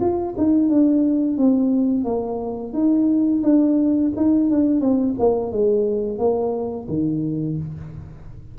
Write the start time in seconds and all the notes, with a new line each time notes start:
0.00 F4
0.37 D#4
0.69 D4
1.38 C4
2.04 A#3
2.73 D#4
3.43 D4
4.16 D#4
4.50 D4
4.81 C4
5.19 A#3
5.52 G#3
6.18 A#3
6.88 D#3